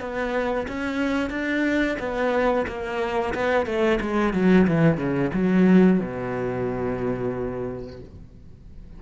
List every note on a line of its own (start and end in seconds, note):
0.00 0.67 B3
0.68 1.30 C#4
1.30 1.97 D4
1.99 2.66 B3
2.67 3.34 A#3
3.35 3.66 B3
3.66 3.99 A3
4.01 4.33 G#3
4.33 4.67 F#3
4.67 4.97 E3
4.97 5.31 C#3
5.34 6.00 F#3
6.00 8.00 B2